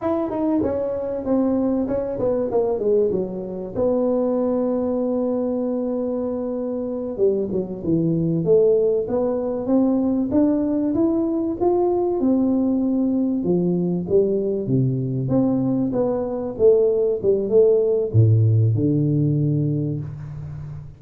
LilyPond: \new Staff \with { instrumentName = "tuba" } { \time 4/4 \tempo 4 = 96 e'8 dis'8 cis'4 c'4 cis'8 b8 | ais8 gis8 fis4 b2~ | b2.~ b8 g8 | fis8 e4 a4 b4 c'8~ |
c'8 d'4 e'4 f'4 c'8~ | c'4. f4 g4 c8~ | c8 c'4 b4 a4 g8 | a4 a,4 d2 | }